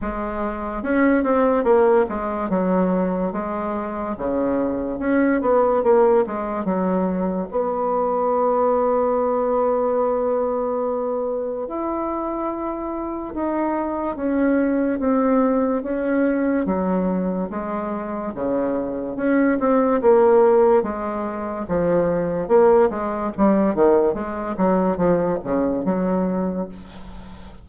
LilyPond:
\new Staff \with { instrumentName = "bassoon" } { \time 4/4 \tempo 4 = 72 gis4 cis'8 c'8 ais8 gis8 fis4 | gis4 cis4 cis'8 b8 ais8 gis8 | fis4 b2.~ | b2 e'2 |
dis'4 cis'4 c'4 cis'4 | fis4 gis4 cis4 cis'8 c'8 | ais4 gis4 f4 ais8 gis8 | g8 dis8 gis8 fis8 f8 cis8 fis4 | }